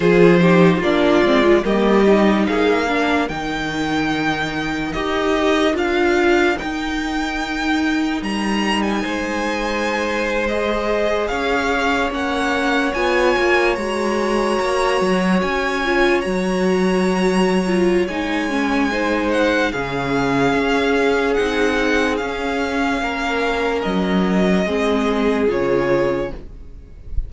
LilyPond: <<
  \new Staff \with { instrumentName = "violin" } { \time 4/4 \tempo 4 = 73 c''4 d''4 dis''4 f''4 | g''2 dis''4 f''4 | g''2 ais''8. gis''4~ gis''16~ | gis''8. dis''4 f''4 fis''4 gis''16~ |
gis''8. ais''2 gis''4 ais''16~ | ais''2 gis''4. fis''8 | f''2 fis''4 f''4~ | f''4 dis''2 cis''4 | }
  \new Staff \with { instrumentName = "violin" } { \time 4/4 gis'8 g'8 f'4 g'4 gis'8 ais'8~ | ais'1~ | ais'2. c''4~ | c''4.~ c''16 cis''2~ cis''16~ |
cis''1~ | cis''2. c''4 | gis'1 | ais'2 gis'2 | }
  \new Staff \with { instrumentName = "viola" } { \time 4/4 f'8 dis'8 d'8 c'16 f'16 ais8 dis'4 d'8 | dis'2 g'4 f'4 | dis'1~ | dis'8. gis'2 cis'4 f'16~ |
f'8. fis'2~ fis'8 f'8 fis'16~ | fis'4. f'8 dis'8 cis'8 dis'4 | cis'2 dis'4 cis'4~ | cis'2 c'4 f'4 | }
  \new Staff \with { instrumentName = "cello" } { \time 4/4 f4 ais8 gis8 g4 ais4 | dis2 dis'4 d'4 | dis'2 g4 gis4~ | gis4.~ gis16 cis'4 ais4 b16~ |
b16 ais8 gis4 ais8 fis8 cis'4 fis16~ | fis2 gis2 | cis4 cis'4 c'4 cis'4 | ais4 fis4 gis4 cis4 | }
>>